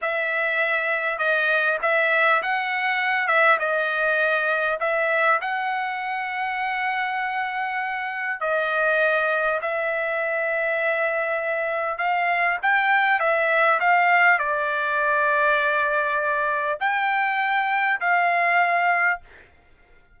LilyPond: \new Staff \with { instrumentName = "trumpet" } { \time 4/4 \tempo 4 = 100 e''2 dis''4 e''4 | fis''4. e''8 dis''2 | e''4 fis''2.~ | fis''2 dis''2 |
e''1 | f''4 g''4 e''4 f''4 | d''1 | g''2 f''2 | }